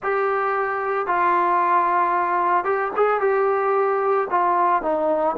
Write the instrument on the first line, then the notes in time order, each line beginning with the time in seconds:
trombone
0.02 G4
1.06 F4
2.64 G4
2.96 G#4
3.20 G4
4.30 F4
4.82 D#4